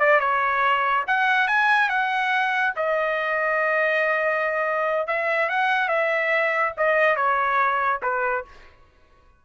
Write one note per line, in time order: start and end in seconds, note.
0.00 0.20 D5
0.20 1.05 C#5
1.07 1.48 F#5
1.48 1.90 G#5
1.90 2.74 F#5
2.76 5.07 D#5
5.07 5.50 E5
5.50 5.89 F#5
5.89 6.73 E5
6.78 7.16 D#5
7.16 8.01 C#5
8.03 8.45 B4